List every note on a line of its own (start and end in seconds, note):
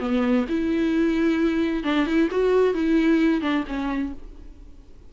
0.00 0.45 B3
0.49 1.84 E4
1.84 2.07 D4
2.07 2.29 E4
2.31 2.74 F#4
2.74 3.42 E4
3.42 3.64 D4
3.68 4.13 C#4